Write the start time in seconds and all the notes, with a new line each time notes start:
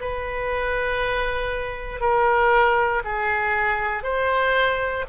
0.00 B4
2.00 A#4
3.04 G#4
4.03 C5